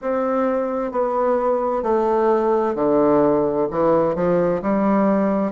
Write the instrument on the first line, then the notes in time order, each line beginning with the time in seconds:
bassoon
0.01 C4
0.91 B3
1.82 A3
2.75 D3
3.70 E3
4.15 F3
4.62 G3